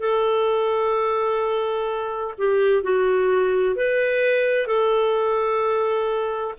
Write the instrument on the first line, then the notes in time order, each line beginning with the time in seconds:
clarinet
0.00 A4
2.38 G4
2.83 F#4
3.76 B4
4.67 A4